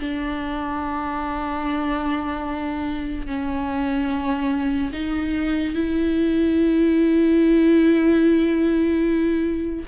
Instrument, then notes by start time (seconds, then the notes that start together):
viola
0.00 D4
3.27 C#4
4.93 D#4
5.75 E4